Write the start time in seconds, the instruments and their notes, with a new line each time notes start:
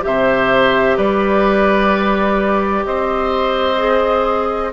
0.00 bassoon C3, clarinet G4, flute E5
0.06 oboe C5
0.97 bassoon G3, oboe B4, flute D5
2.85 bassoon C4, oboe C5, flute D#5
3.77 clarinet G#4